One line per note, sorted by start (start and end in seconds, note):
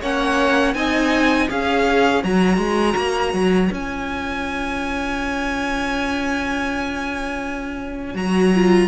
0.00 0.74 A#3
0.00 0.75 C#4
0.00 0.74 C#5
0.00 0.74 F#5
0.74 1.48 C4
0.74 1.48 D#4
0.74 1.50 D#5
0.74 1.48 G#5
1.48 2.23 C#4
1.48 2.22 G#4
1.48 8.88 C#5
1.48 2.23 F5
2.23 2.57 F#3
2.23 3.72 F#4
2.23 3.72 A#5
2.57 2.94 G#3
2.96 3.33 A#3
3.33 3.70 F#3
3.71 8.14 C#4
3.71 8.15 F4
3.71 8.16 G#5
8.14 8.88 F#3
8.14 8.52 F#4
8.14 8.88 A#5
8.55 8.88 F4